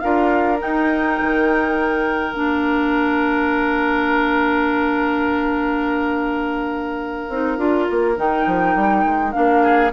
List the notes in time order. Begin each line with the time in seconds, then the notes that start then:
0.00 D4 F4 A#4 F5
0.59 D#4 G5
1.21 D#3
2.34 A#3 D4 F5
7.29 C4 D#4
7.58 D4 F4
7.90 A#3
8.16 D#3 D#4 G5
8.46 F3
8.76 G3
9.05 G#3
9.33 A#3 D4 F5
9.63 G#4